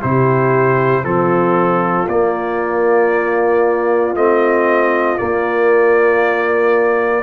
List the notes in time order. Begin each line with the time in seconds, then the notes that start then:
0.00 C3 E4 G4 C5
1.03 F3 C4 F4 A4
2.08 A#3 D5
4.14 A3 C4 D#5
5.17 A#3 D5